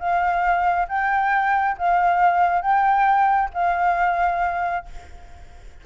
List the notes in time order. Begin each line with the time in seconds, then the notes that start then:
0.00 F5
0.89 G5
1.78 F5
2.62 G5
3.54 F5